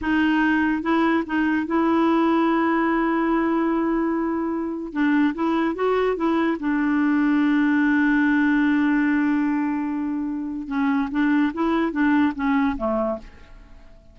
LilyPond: \new Staff \with { instrumentName = "clarinet" } { \time 4/4 \tempo 4 = 146 dis'2 e'4 dis'4 | e'1~ | e'1 | d'4 e'4 fis'4 e'4 |
d'1~ | d'1~ | d'2 cis'4 d'4 | e'4 d'4 cis'4 a4 | }